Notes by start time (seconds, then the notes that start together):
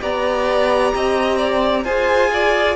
0.00 B3 G4 D5 A#5
0.95 C4 D#5
1.37 D5
1.84 F4 G#4 C5 G#5
2.33 D5